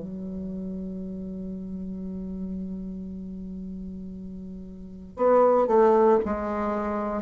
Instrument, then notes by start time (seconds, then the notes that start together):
bassoon
0.00 F#3
5.17 B3
5.68 A3
6.25 G#3